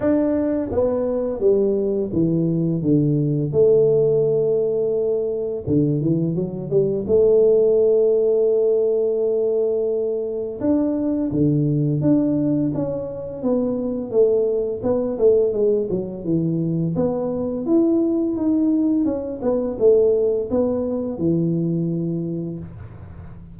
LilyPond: \new Staff \with { instrumentName = "tuba" } { \time 4/4 \tempo 4 = 85 d'4 b4 g4 e4 | d4 a2. | d8 e8 fis8 g8 a2~ | a2. d'4 |
d4 d'4 cis'4 b4 | a4 b8 a8 gis8 fis8 e4 | b4 e'4 dis'4 cis'8 b8 | a4 b4 e2 | }